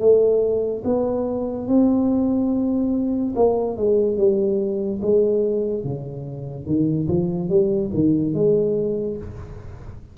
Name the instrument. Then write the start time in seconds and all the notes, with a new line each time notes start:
tuba
0.00 A3
0.85 B3
1.68 C4
3.36 A#3
3.77 G#3
4.17 G3
5.02 G#3
5.84 C#3
6.66 D#3
7.08 F3
7.50 G3
7.94 D#3
8.34 G#3